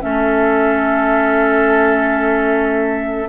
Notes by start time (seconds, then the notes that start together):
0.00 A3 C#4 A4 E5